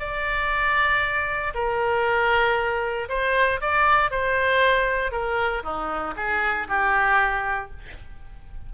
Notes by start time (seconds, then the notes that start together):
0.00 D5
1.55 A#4
3.10 C5
3.61 D5
4.11 C5
5.12 A#4
5.64 D#4
6.17 G#4
6.69 G4